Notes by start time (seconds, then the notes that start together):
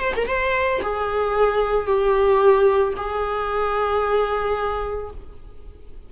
0.00 C5
0.16 A#4
0.28 C5
0.83 G#4
1.87 G4
2.97 G#4